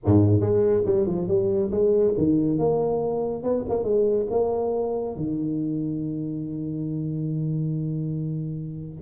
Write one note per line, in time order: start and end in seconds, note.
0.05 0.40 G#2
0.40 0.83 G#3
0.85 1.06 G3
1.06 1.28 F3
1.28 1.70 G3
1.71 2.14 G#3
2.17 2.58 D#3
2.58 3.43 A#3
3.43 3.64 B3
3.68 3.83 A#3
3.83 4.26 G#3
4.30 5.15 A#3
5.15 9.01 D#3